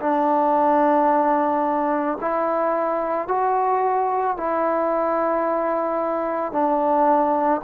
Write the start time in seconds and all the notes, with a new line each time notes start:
0.00 D4
2.21 E4
3.27 F#4
4.36 E4
6.52 D4